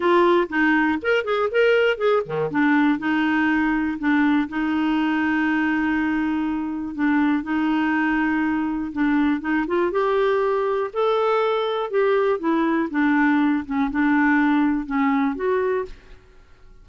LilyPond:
\new Staff \with { instrumentName = "clarinet" } { \time 4/4 \tempo 4 = 121 f'4 dis'4 ais'8 gis'8 ais'4 | gis'8 dis8 d'4 dis'2 | d'4 dis'2.~ | dis'2 d'4 dis'4~ |
dis'2 d'4 dis'8 f'8 | g'2 a'2 | g'4 e'4 d'4. cis'8 | d'2 cis'4 fis'4 | }